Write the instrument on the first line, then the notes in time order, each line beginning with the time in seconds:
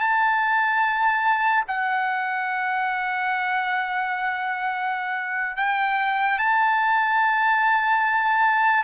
trumpet
0.00 A5
1.68 F#5
5.57 G5
6.38 A5